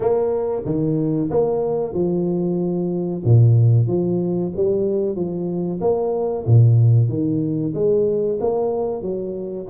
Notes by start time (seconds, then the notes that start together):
0.00 A#3
0.65 D#3
1.30 A#3
1.93 F3
3.24 A#2
3.87 F3
4.55 G3
5.15 F3
5.80 A#3
6.46 A#2
7.09 D#3
7.74 G#3
8.40 A#3
9.01 F#3